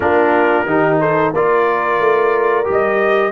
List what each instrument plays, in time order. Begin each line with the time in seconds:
0.00 tuba A#3, trombone D4, horn F4, trumpet A#4
0.65 tuba D#3, trombone D#4, horn G4
1.00 horn A4, trumpet C5
1.33 tuba A#3, trombone F4, horn A#4, trumpet D5
1.99 tuba A3
2.64 tuba G3, trombone G4
2.71 trumpet D#5